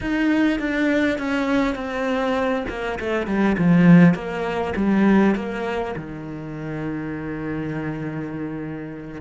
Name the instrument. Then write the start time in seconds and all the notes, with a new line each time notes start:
cello
0.01 D#4
0.59 D4
1.18 C#4
1.75 C4
2.69 A#3
2.99 A3
3.26 G3
3.58 F3
4.14 A#3
4.76 G3
5.35 A#3
5.96 D#3